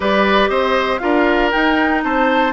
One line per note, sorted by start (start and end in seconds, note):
0.00 0.49 G3
0.00 1.00 G4
0.00 0.49 B4
0.00 0.49 D5
0.49 1.00 C4
0.49 1.00 C5
0.49 0.99 D#5
0.99 1.53 D4
0.99 1.51 F4
0.99 2.03 A#4
0.99 1.49 F5
1.51 2.52 D#4
1.51 2.04 D#4
1.51 2.01 G5
2.03 2.52 C4
2.03 2.52 C5
2.03 2.52 A5